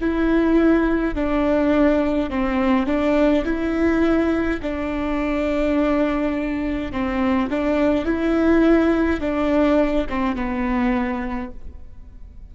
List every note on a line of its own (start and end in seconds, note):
0.00 1.14 E4
1.14 2.29 D4
2.29 2.86 C4
2.86 3.44 D4
3.45 4.60 E4
4.62 6.91 D4
6.91 7.49 C4
7.49 8.05 D4
8.05 9.20 E4
9.20 10.06 D4
10.09 10.35 C4
10.35 11.51 B3